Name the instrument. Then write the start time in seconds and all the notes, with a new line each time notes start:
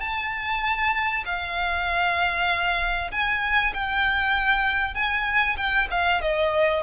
violin
0.00 A5
1.25 F5
3.11 G#5
3.74 G5
4.94 G#5
5.57 G5
5.90 F5
6.21 D#5